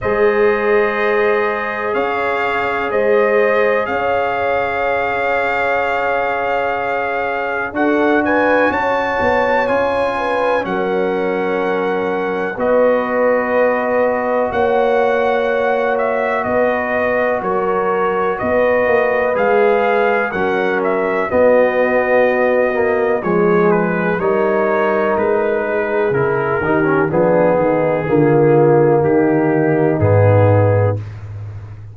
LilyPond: <<
  \new Staff \with { instrumentName = "trumpet" } { \time 4/4 \tempo 4 = 62 dis''2 f''4 dis''4 | f''1 | fis''8 gis''8 a''4 gis''4 fis''4~ | fis''4 dis''2 fis''4~ |
fis''8 e''8 dis''4 cis''4 dis''4 | f''4 fis''8 e''8 dis''2 | cis''8 b'8 cis''4 b'4 ais'4 | gis'2 g'4 gis'4 | }
  \new Staff \with { instrumentName = "horn" } { \time 4/4 c''2 cis''4 c''4 | cis''1 | a'8 b'8 cis''4. b'8 ais'4~ | ais'4 b'2 cis''4~ |
cis''4 b'4 ais'4 b'4~ | b'4 ais'4 fis'2 | gis'4 ais'4. gis'4 g'8 | d'8 dis'8 f'4 dis'2 | }
  \new Staff \with { instrumentName = "trombone" } { \time 4/4 gis'1~ | gis'1 | fis'2 f'4 cis'4~ | cis'4 fis'2.~ |
fis'1 | gis'4 cis'4 b4. ais8 | gis4 dis'2 e'8 dis'16 cis'16 | b4 ais2 b4 | }
  \new Staff \with { instrumentName = "tuba" } { \time 4/4 gis2 cis'4 gis4 | cis'1 | d'4 cis'8 b8 cis'4 fis4~ | fis4 b2 ais4~ |
ais4 b4 fis4 b8 ais8 | gis4 fis4 b2 | f4 g4 gis4 cis8 dis8 | f8 dis8 d4 dis4 gis,4 | }
>>